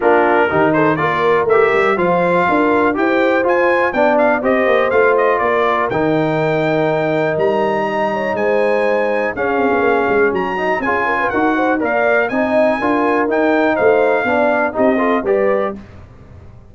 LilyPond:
<<
  \new Staff \with { instrumentName = "trumpet" } { \time 4/4 \tempo 4 = 122 ais'4. c''8 d''4 e''4 | f''2 g''4 gis''4 | g''8 f''8 dis''4 f''8 dis''8 d''4 | g''2. ais''4~ |
ais''4 gis''2 f''4~ | f''4 ais''4 gis''4 fis''4 | f''4 gis''2 g''4 | f''2 dis''4 d''4 | }
  \new Staff \with { instrumentName = "horn" } { \time 4/4 f'4 g'8 a'8 ais'2 | c''4 ais'4 c''2 | d''4 c''2 ais'4~ | ais'1 |
dis''8 cis''8 c''2 gis'4~ | gis'4 fis'4 gis'8 ais'16 b'16 ais'8 c''8 | d''4 dis''4 ais'2 | c''4 d''4 g'8 a'8 b'4 | }
  \new Staff \with { instrumentName = "trombone" } { \time 4/4 d'4 dis'4 f'4 g'4 | f'2 g'4 f'4 | d'4 g'4 f'2 | dis'1~ |
dis'2. cis'4~ | cis'4. dis'8 f'4 fis'4 | ais'4 dis'4 f'4 dis'4~ | dis'4 d'4 dis'8 f'8 g'4 | }
  \new Staff \with { instrumentName = "tuba" } { \time 4/4 ais4 dis4 ais4 a8 g8 | f4 d'4 e'4 f'4 | b4 c'8 ais8 a4 ais4 | dis2. g4~ |
g4 gis2 cis'8 c'16 b16 | ais8 gis8 fis4 cis'4 dis'4 | ais4 c'4 d'4 dis'4 | a4 b4 c'4 g4 | }
>>